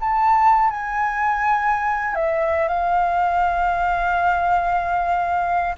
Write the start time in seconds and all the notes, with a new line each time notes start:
0.00 A5
0.70 G#5
2.15 E5
2.68 F5